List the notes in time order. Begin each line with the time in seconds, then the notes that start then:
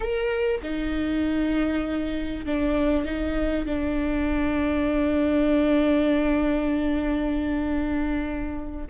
0.00 A#4
0.62 D#4
2.45 D4
3.05 D#4
3.65 D4